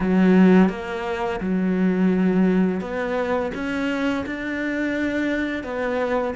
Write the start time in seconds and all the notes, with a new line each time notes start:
0.00 F#3
0.69 A#3
1.40 F#3
2.80 B3
3.54 C#4
4.25 D4
5.63 B3